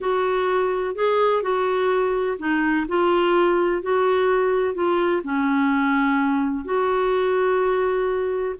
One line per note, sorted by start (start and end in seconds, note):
0.01 0.95 F#4
0.95 1.42 G#4
1.42 2.37 F#4
2.39 2.86 D#4
2.88 3.82 F4
3.82 4.74 F#4
4.74 5.22 F4
5.23 6.64 C#4
6.64 8.55 F#4